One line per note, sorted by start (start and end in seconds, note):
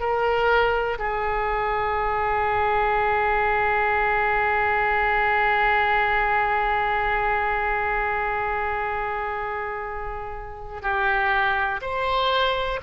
0.00 0.98 A#4
0.99 10.82 G#4
10.82 11.81 G4
11.82 12.80 C5